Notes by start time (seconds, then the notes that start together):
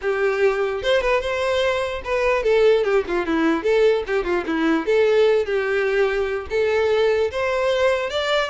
0.01 G4
0.82 C5
1.01 B4
1.21 C5
2.04 B4
2.43 A4
2.84 G4
3.07 F4
3.26 E4
3.63 A4
4.07 G4
4.24 F4
4.46 E4
4.86 A4
5.45 G4
6.49 A4
7.31 C5
8.10 D5